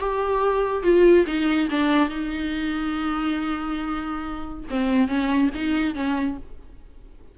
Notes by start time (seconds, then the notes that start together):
0.00 G4
0.83 F4
1.26 D#4
1.71 D4
2.09 D#4
4.71 C4
5.08 C#4
5.55 D#4
5.95 C#4